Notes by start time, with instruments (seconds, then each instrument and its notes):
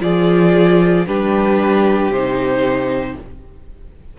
0.00 cello F3, viola F4, violin G#4 D5
1.07 cello G3, viola D4, violin G4 B4
2.10 cello C3, viola D#4, violin C5